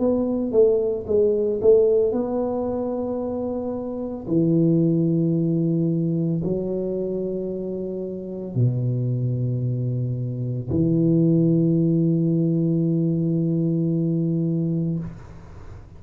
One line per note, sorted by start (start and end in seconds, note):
0.00 0.52 B3
0.52 1.06 A3
1.08 1.61 G#3
1.62 2.12 A3
2.12 4.27 B3
4.28 6.42 E3
6.44 8.56 F#3
8.56 10.70 B2
10.71 15.00 E3